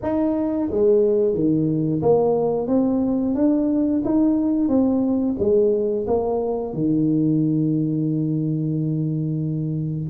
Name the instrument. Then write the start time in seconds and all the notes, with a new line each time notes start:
tuba
0.02 D#4
0.70 G#3
1.34 D#3
2.01 A#3
2.67 C4
3.34 D4
4.04 D#4
4.68 C4
5.39 G#3
6.07 A#3
6.73 D#3